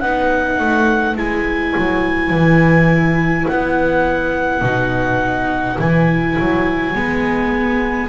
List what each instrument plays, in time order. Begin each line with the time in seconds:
0.00 double bass B3, viola D#4, saxophone B4, clarinet F#5
0.60 double bass A3
1.17 double bass G#3, viola E4, clarinet G#5
1.77 double bass F#3
2.30 double bass E3
3.48 double bass B3, clarinet F#5
4.62 double bass B2, viola D#4
5.79 double bass E3, viola E4, clarinet G#5
6.39 double bass F#3
6.95 double bass G#3, viola B3